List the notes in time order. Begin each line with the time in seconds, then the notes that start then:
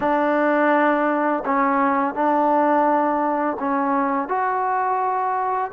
0.00 D4
1.44 C#4
2.14 D4
3.59 C#4
4.28 F#4